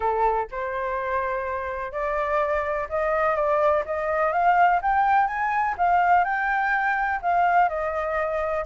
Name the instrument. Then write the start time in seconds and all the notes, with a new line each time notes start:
flute
0.00 A4
0.51 C5
1.91 D5
2.89 D#5
3.35 D5
3.85 D#5
4.32 F5
4.82 G5
5.27 G#5
5.77 F5
6.24 G5
7.22 F5
7.68 D#5